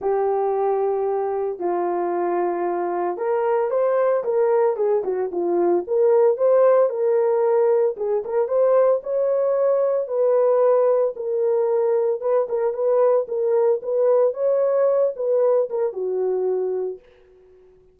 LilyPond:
\new Staff \with { instrumentName = "horn" } { \time 4/4 \tempo 4 = 113 g'2. f'4~ | f'2 ais'4 c''4 | ais'4 gis'8 fis'8 f'4 ais'4 | c''4 ais'2 gis'8 ais'8 |
c''4 cis''2 b'4~ | b'4 ais'2 b'8 ais'8 | b'4 ais'4 b'4 cis''4~ | cis''8 b'4 ais'8 fis'2 | }